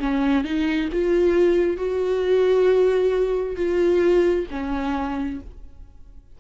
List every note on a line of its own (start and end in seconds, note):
0.00 0.45 C#4
0.45 0.90 D#4
0.92 1.77 F4
1.77 3.56 F#4
3.56 4.46 F4
4.51 5.41 C#4